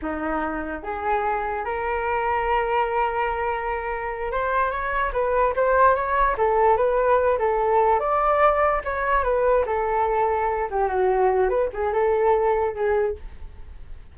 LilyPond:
\new Staff \with { instrumentName = "flute" } { \time 4/4 \tempo 4 = 146 dis'2 gis'2 | ais'1~ | ais'2~ ais'8 c''4 cis''8~ | cis''8 b'4 c''4 cis''4 a'8~ |
a'8 b'4. a'4. d''8~ | d''4. cis''4 b'4 a'8~ | a'2 g'8 fis'4. | b'8 gis'8 a'2 gis'4 | }